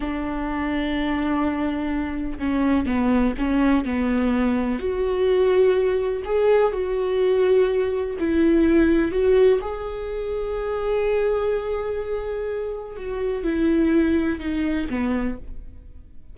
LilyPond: \new Staff \with { instrumentName = "viola" } { \time 4/4 \tempo 4 = 125 d'1~ | d'4 cis'4 b4 cis'4 | b2 fis'2~ | fis'4 gis'4 fis'2~ |
fis'4 e'2 fis'4 | gis'1~ | gis'2. fis'4 | e'2 dis'4 b4 | }